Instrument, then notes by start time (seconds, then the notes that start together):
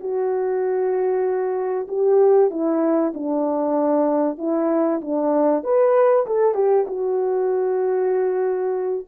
horn
0.00 F#4
1.88 G4
2.51 E4
3.14 D4
4.38 E4
5.01 D4
5.64 B4
6.26 A4
6.55 G4
6.88 F#4